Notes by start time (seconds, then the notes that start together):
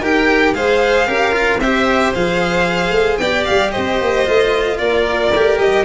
0.00 D#4 G4 A#4 G5
0.54 G#3 G#4 C5 F5
1.07 C#4 G4 A#4
1.32 F4
1.60 C4 G4 C5 E5
2.14 F3 G#4 F5
2.90 A3
3.17 B3 G4 D5 G5
3.44 G3 F5
3.71 C4 C5 D#5
4.00 A#3
4.25 A3 F4
4.78 A#3 A#4 D5
5.33 A3 G4
5.59 G3 D#5